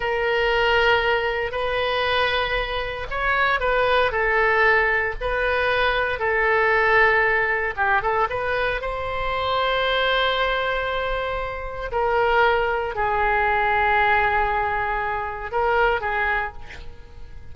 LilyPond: \new Staff \with { instrumentName = "oboe" } { \time 4/4 \tempo 4 = 116 ais'2. b'4~ | b'2 cis''4 b'4 | a'2 b'2 | a'2. g'8 a'8 |
b'4 c''2.~ | c''2. ais'4~ | ais'4 gis'2.~ | gis'2 ais'4 gis'4 | }